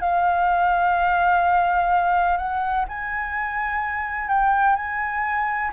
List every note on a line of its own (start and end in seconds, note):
0.00 2.37 F5
2.37 2.85 F#5
2.88 4.28 G#5
4.28 4.76 G5
4.76 5.71 G#5